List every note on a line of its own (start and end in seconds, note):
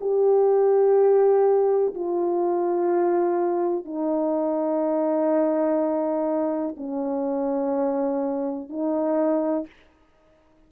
0.00 1.94 G4
1.94 3.84 F4
3.84 6.75 D#4
6.77 8.69 C#4
8.69 9.66 D#4